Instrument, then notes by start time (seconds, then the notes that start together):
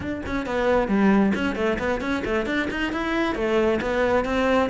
cello
0.00 D4
0.25 C#4
0.46 B3
0.88 G3
1.34 C#4
1.55 A3
1.78 B3
2.00 C#4
2.24 A3
2.46 D4
2.70 D#4
2.92 E4
3.35 A3
3.81 B3
4.24 C4